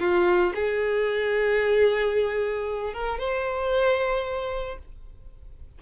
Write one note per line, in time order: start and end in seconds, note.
0.00 0.53 F4
0.55 2.94 G#4
2.94 3.19 A#4
3.19 4.79 C5